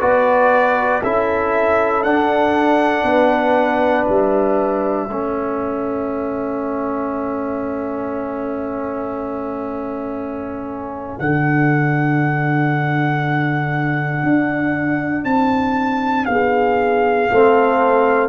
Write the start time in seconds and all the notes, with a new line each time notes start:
0.00 B3 F#4 B4 D5
1.01 C#4 E4 A4 E5
2.03 D4 F#5
3.03 B3 B4
4.05 G3 E5
5.08 A3 C#4 A4
11.19 D3 D4 F#5
14.23 D4
15.24 C4 A5
16.25 B3 G#4 F5
17.31 A3 C4 A4